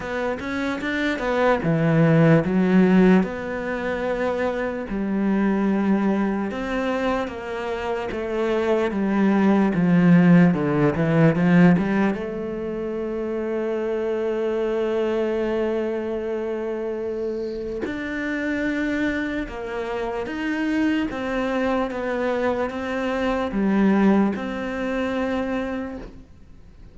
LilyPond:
\new Staff \with { instrumentName = "cello" } { \time 4/4 \tempo 4 = 74 b8 cis'8 d'8 b8 e4 fis4 | b2 g2 | c'4 ais4 a4 g4 | f4 d8 e8 f8 g8 a4~ |
a1~ | a2 d'2 | ais4 dis'4 c'4 b4 | c'4 g4 c'2 | }